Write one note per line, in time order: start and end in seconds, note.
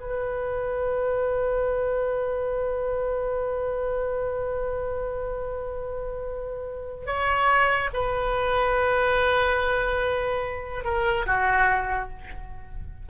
0.00 7.06 B4
7.06 7.90 C#5
7.94 10.84 B4
10.84 11.26 A#4
11.27 12.10 F#4